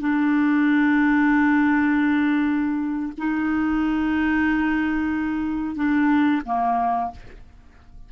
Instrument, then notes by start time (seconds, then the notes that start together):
clarinet
0.00 D4
3.18 D#4
5.76 D4
6.46 A#3